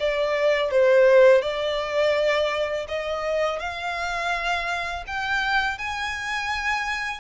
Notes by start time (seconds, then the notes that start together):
0.00 D5
0.71 C5
1.42 D5
2.88 D#5
3.60 F5
5.07 G5
5.78 G#5